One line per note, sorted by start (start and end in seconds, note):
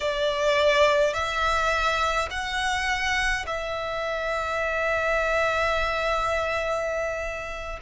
0.00 1.13 D5
1.13 2.28 E5
2.30 3.45 F#5
3.46 7.79 E5